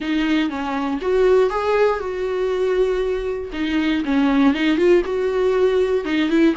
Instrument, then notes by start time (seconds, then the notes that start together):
viola
0.00 D#4
0.49 C#4
1.01 F#4
1.50 G#4
1.99 F#4
3.52 D#4
4.05 C#4
4.54 D#4
4.77 F4
5.04 F#4
6.04 D#4
6.29 E4